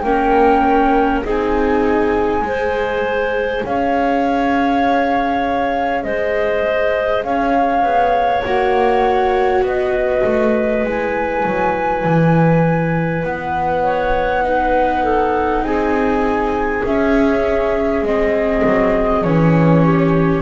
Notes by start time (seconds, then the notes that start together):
0.00 A#3 C#4 A#4 G5
1.24 C4 D#4 G#4 G#5
2.41 G#3 G#4 C5
3.65 C#4 C#5 F5
6.02 G#3 C5 D#5
7.23 C#4 C#5 F5
7.83 B3
8.44 A#3 F#4 F#5
9.62 B3 B4 D#5
10.23 A3
10.83 G#3 E4 G#5
11.45 F#3
12.04 E3
13.23 B3 F#5
13.82 C#5
14.42 D#4 B4
15.03 A4
15.62 C4 G#4 G#5
16.84 C#4 E5
18.02 G#3 C4 D#5
18.64 F#3
19.23 E3 C#4 C#5
19.83 G4